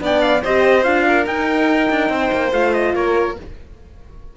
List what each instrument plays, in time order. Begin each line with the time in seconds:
0.00 cello B3, horn D4, violin D5, trumpet G5
0.21 trumpet F5
0.42 cello C4, horn G4, violin C5, trumpet D#5
0.83 cello D4, horn F4, trumpet F5
1.08 violin A#4
1.26 horn D#4, cello D#4, trumpet G5
1.91 cello D4
2.09 cello C4, violin C5
2.32 cello A#3
2.52 cello A3, horn F4, trumpet F5
2.74 trumpet D#5
2.94 cello A#3, violin A#4, trumpet C#5